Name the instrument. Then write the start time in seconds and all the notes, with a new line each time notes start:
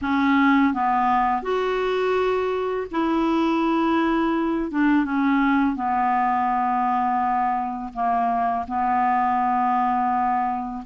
clarinet
0.01 C#4
0.73 B3
1.42 F#4
2.91 E4
4.71 D4
5.04 C#4
5.75 B3
7.93 A#3
8.67 B3